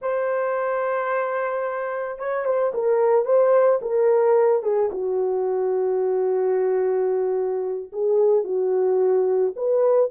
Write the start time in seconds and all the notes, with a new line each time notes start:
0.01 C5
2.18 C#5
2.45 C5
2.73 A#4
3.25 C5
3.81 A#4
4.62 G#4
4.91 F#4
7.92 G#4
8.44 F#4
9.56 B4